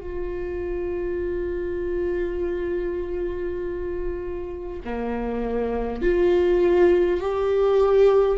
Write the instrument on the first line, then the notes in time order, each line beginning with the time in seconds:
viola
0.00 F4
4.84 A#3
6.01 F4
7.21 G4